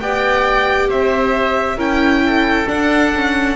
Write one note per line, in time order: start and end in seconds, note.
0.00 0.89 B3
0.00 1.78 G4
0.00 0.89 D5
0.00 0.90 G5
0.89 1.76 C4
0.89 1.77 C5
0.89 1.79 E5
1.76 2.65 C#4
1.76 2.67 E4
1.76 2.22 A#4
1.76 2.68 G5
2.26 3.56 A4
2.67 3.12 D4
2.67 3.56 D4
2.67 3.56 F#5
3.15 3.56 C#4